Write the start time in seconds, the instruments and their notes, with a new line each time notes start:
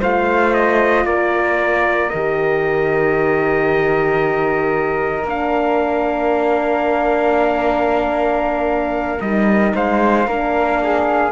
0.00 cello A3, horn F4, flute C5, trumpet F5
0.54 trumpet D#5
1.04 cello A#3, flute A#4, trumpet D5
2.10 cello D#3, horn G4, trumpet D#5
5.23 cello A#3, horn D4, trumpet F5
9.21 cello G3, horn D#4, trumpet D#5
9.75 cello G#3, flute C5, trumpet F5
10.27 cello A#3, horn D4, flute A#4
10.83 flute G#4